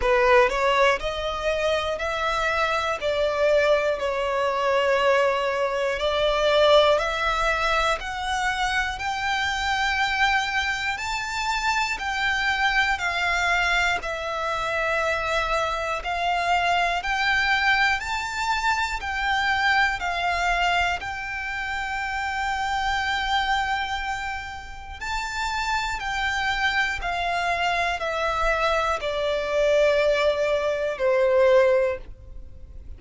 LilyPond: \new Staff \with { instrumentName = "violin" } { \time 4/4 \tempo 4 = 60 b'8 cis''8 dis''4 e''4 d''4 | cis''2 d''4 e''4 | fis''4 g''2 a''4 | g''4 f''4 e''2 |
f''4 g''4 a''4 g''4 | f''4 g''2.~ | g''4 a''4 g''4 f''4 | e''4 d''2 c''4 | }